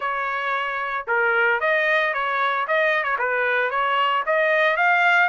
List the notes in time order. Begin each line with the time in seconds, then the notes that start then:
0.00 C#5
1.07 A#4
1.60 D#5
2.13 C#5
2.67 D#5
3.03 C#5
3.18 B4
3.70 C#5
4.26 D#5
4.76 F5